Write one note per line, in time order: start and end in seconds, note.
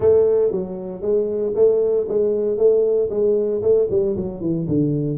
0.00 0.51 A3
0.51 1.01 F#3
1.01 1.53 G#3
1.55 2.07 A3
2.08 2.57 G#3
2.57 3.09 A3
3.09 3.61 G#3
3.62 3.87 A3
3.90 4.15 G3
4.16 4.41 F#3
4.41 4.66 E3
4.68 5.17 D3